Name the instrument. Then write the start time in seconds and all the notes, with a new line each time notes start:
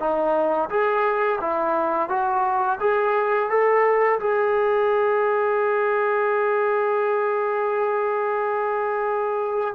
trombone
0.00 D#4
0.70 G#4
1.41 E4
2.10 F#4
2.81 G#4
3.50 A4
4.20 G#4